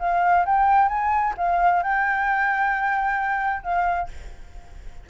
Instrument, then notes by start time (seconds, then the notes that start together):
flute
0.00 F5
0.46 G5
0.89 G#5
1.37 F5
1.83 G5
3.63 F5